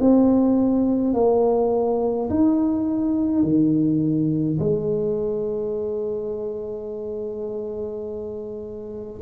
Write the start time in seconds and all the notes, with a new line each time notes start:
0.00 C4
1.14 A#3
2.30 D#4
3.43 D#3
4.59 G#3